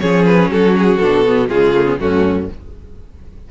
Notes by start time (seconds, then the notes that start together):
0.00 F3 C#4 G#4 C#5
0.26 B4
0.49 F#3 F#4 A4
0.79 G#4
0.98 B2 D4 A4
1.26 B3
1.48 C#3 G#3 F4 G#4
1.76 A3
1.86 B3
2.00 F#2 A3 C#4 F#4